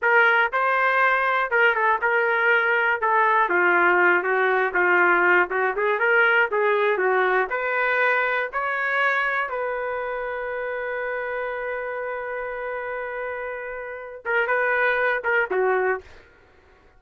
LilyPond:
\new Staff \with { instrumentName = "trumpet" } { \time 4/4 \tempo 4 = 120 ais'4 c''2 ais'8 a'8 | ais'2 a'4 f'4~ | f'8 fis'4 f'4. fis'8 gis'8 | ais'4 gis'4 fis'4 b'4~ |
b'4 cis''2 b'4~ | b'1~ | b'1~ | b'8 ais'8 b'4. ais'8 fis'4 | }